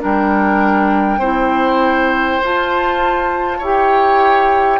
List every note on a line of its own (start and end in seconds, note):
0.00 1.18 G3
0.00 1.20 D4
0.00 1.19 A#4
0.00 2.44 G5
1.18 2.38 C4
1.18 2.42 E4
1.18 3.58 C5
2.43 3.61 F4
2.43 3.63 F4
2.43 3.64 A5
3.58 4.80 E4
3.58 4.80 G4
3.58 4.79 C#5
3.58 4.80 G5